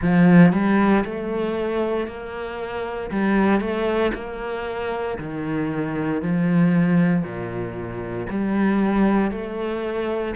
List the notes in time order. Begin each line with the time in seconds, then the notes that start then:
0.01 F3
0.52 G3
1.04 A3
2.07 A#3
3.10 G3
3.60 A3
4.14 A#3
5.18 D#3
6.22 F3
7.23 A#2
8.29 G3
9.31 A3